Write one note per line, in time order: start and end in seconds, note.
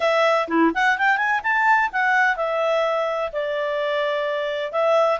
0.00 0.47 E5
0.47 0.71 E4
0.74 0.98 F#5
0.98 1.17 G5
1.17 1.40 G#5
1.43 1.90 A5
1.92 2.36 F#5
2.36 3.31 E5
3.32 4.72 D5
4.72 5.19 E5